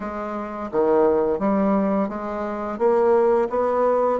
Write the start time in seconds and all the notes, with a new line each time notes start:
0.00 G#3
0.71 D#3
1.39 G3
2.08 G#3
2.78 A#3
3.49 B3